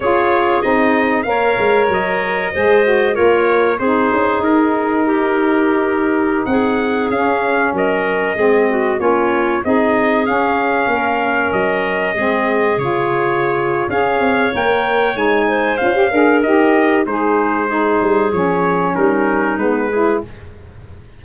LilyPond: <<
  \new Staff \with { instrumentName = "trumpet" } { \time 4/4 \tempo 4 = 95 cis''4 dis''4 f''4 dis''4~ | dis''4 cis''4 c''4 ais'4~ | ais'2~ ais'16 fis''4 f''8.~ | f''16 dis''2 cis''4 dis''8.~ |
dis''16 f''2 dis''4.~ dis''16~ | dis''16 cis''4.~ cis''16 f''4 g''4 | gis''4 f''4 dis''4 c''4~ | c''4 cis''4 ais'4 b'4 | }
  \new Staff \with { instrumentName = "clarinet" } { \time 4/4 gis'2 cis''2 | c''4 ais'4 gis'2 | g'2~ g'16 gis'4.~ gis'16~ | gis'16 ais'4 gis'8 fis'8 f'4 gis'8.~ |
gis'4~ gis'16 ais'2 gis'8.~ | gis'2 cis''2~ | cis''8 c''4 ais'4. dis'4 | gis'2 dis'4. gis'8 | }
  \new Staff \with { instrumentName = "saxophone" } { \time 4/4 f'4 dis'4 ais'2 | gis'8 fis'8 f'4 dis'2~ | dis'2.~ dis'16 cis'8.~ | cis'4~ cis'16 c'4 cis'4 dis'8.~ |
dis'16 cis'2. c'8.~ | c'16 f'4.~ f'16 gis'4 ais'4 | dis'4 f'16 g'16 gis'8 g'4 gis'4 | dis'4 cis'2 b8 e'8 | }
  \new Staff \with { instrumentName = "tuba" } { \time 4/4 cis'4 c'4 ais8 gis8 fis4 | gis4 ais4 c'8 cis'8 dis'4~ | dis'2~ dis'16 c'4 cis'8.~ | cis'16 fis4 gis4 ais4 c'8.~ |
c'16 cis'4 ais4 fis4 gis8.~ | gis16 cis4.~ cis16 cis'8 c'8 ais4 | gis4 cis'8 d'8 dis'4 gis4~ | gis8 g8 f4 g4 gis4 | }
>>